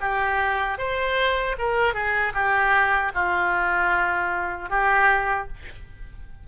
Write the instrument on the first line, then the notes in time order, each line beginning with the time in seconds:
oboe
0.00 G4
0.78 C5
1.58 A#4
1.93 G#4
2.34 G4
3.14 F4
4.69 G4